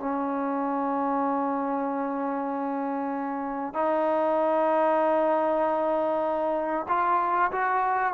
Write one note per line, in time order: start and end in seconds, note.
0.00 3.74 C#4
3.74 6.86 D#4
6.89 7.51 F4
7.52 8.14 F#4